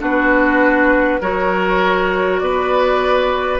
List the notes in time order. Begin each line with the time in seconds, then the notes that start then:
0.00 B3 D4 F#4 B4
1.21 F#3 F#4 A#4 C#5
2.39 B3 B4 D5